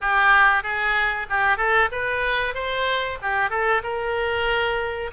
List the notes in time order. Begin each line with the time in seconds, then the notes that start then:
0.01 G4
0.63 G#4
1.29 G4
1.57 A4
1.91 B4
2.54 C5
3.21 G4
3.50 A4
3.83 A#4